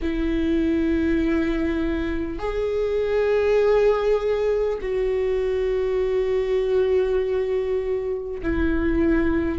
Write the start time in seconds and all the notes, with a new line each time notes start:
0.02 E4
2.38 G#4
4.81 F#4
8.42 E4